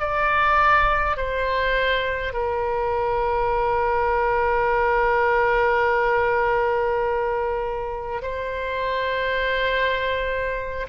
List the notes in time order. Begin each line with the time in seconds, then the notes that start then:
0.00 D5
1.17 C5
2.34 A#4
8.22 C5